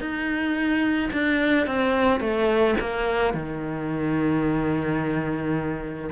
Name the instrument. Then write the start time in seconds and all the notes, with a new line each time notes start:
cello
0.00 D#4
1.12 D4
1.66 C4
2.20 A3
2.80 A#3
3.34 D#3